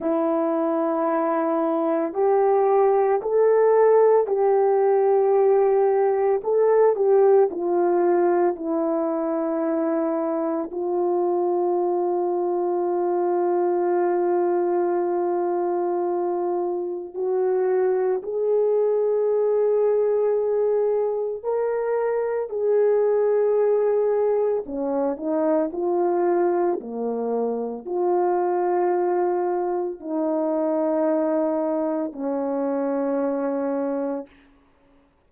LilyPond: \new Staff \with { instrumentName = "horn" } { \time 4/4 \tempo 4 = 56 e'2 g'4 a'4 | g'2 a'8 g'8 f'4 | e'2 f'2~ | f'1 |
fis'4 gis'2. | ais'4 gis'2 cis'8 dis'8 | f'4 ais4 f'2 | dis'2 cis'2 | }